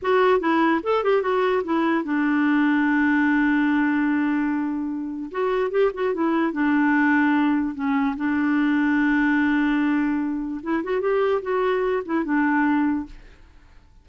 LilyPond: \new Staff \with { instrumentName = "clarinet" } { \time 4/4 \tempo 4 = 147 fis'4 e'4 a'8 g'8 fis'4 | e'4 d'2.~ | d'1~ | d'4 fis'4 g'8 fis'8 e'4 |
d'2. cis'4 | d'1~ | d'2 e'8 fis'8 g'4 | fis'4. e'8 d'2 | }